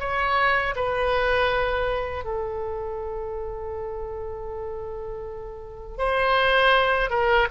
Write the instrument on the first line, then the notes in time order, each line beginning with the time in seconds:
oboe
0.00 C#5
0.76 B4
2.25 A4
5.98 C5
7.10 A#4